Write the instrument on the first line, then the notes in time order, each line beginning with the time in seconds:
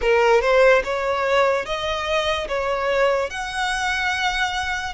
violin
0.01 A#4
0.41 C5
0.84 C#5
1.65 D#5
2.48 C#5
3.30 F#5